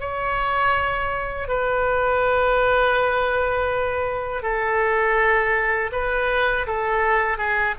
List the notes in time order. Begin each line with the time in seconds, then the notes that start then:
0.00 C#5
1.48 B4
4.43 A4
5.92 B4
6.67 A4
7.38 G#4